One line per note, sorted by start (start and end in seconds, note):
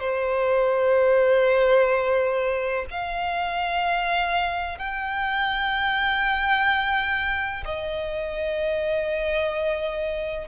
0.00 2.86 C5
2.91 4.78 F5
4.78 7.64 G5
7.65 10.48 D#5